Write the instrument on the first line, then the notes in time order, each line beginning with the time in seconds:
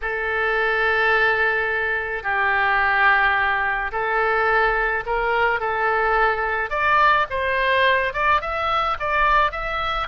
oboe
0.01 A4
2.23 G4
3.92 A4
5.05 A#4
5.60 A4
6.70 D5
7.29 C5
8.13 D5
8.41 E5
8.99 D5
9.51 E5